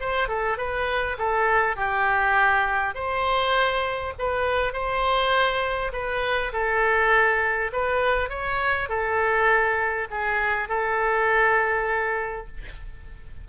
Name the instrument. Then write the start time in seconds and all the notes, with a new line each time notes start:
oboe
0.00 C5
0.28 A4
0.57 B4
1.18 A4
1.76 G4
2.94 C5
4.19 B4
4.73 C5
5.92 B4
6.52 A4
7.73 B4
8.29 C#5
8.89 A4
10.10 G#4
10.68 A4